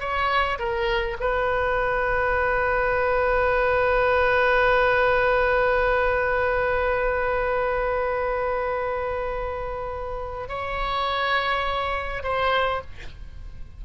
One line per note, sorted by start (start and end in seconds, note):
0.00 0.58 C#5
0.59 1.17 A#4
1.20 10.49 B4
10.49 12.23 C#5
12.23 12.81 C5